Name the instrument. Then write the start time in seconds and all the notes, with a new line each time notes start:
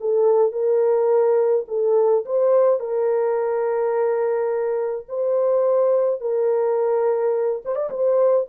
horn
0.00 A4
0.52 A#4
1.68 A4
2.25 C5
2.80 A#4
5.08 C5
6.21 A#4
7.65 C5
7.75 D5
7.90 C5